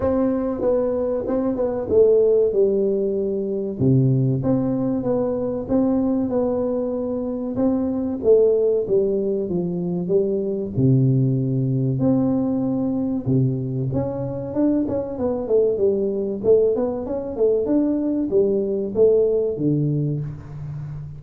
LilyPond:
\new Staff \with { instrumentName = "tuba" } { \time 4/4 \tempo 4 = 95 c'4 b4 c'8 b8 a4 | g2 c4 c'4 | b4 c'4 b2 | c'4 a4 g4 f4 |
g4 c2 c'4~ | c'4 c4 cis'4 d'8 cis'8 | b8 a8 g4 a8 b8 cis'8 a8 | d'4 g4 a4 d4 | }